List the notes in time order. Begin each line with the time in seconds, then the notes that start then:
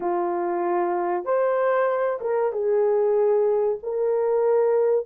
0.00 F4
1.24 C5
2.20 A#4
2.52 G#4
3.82 A#4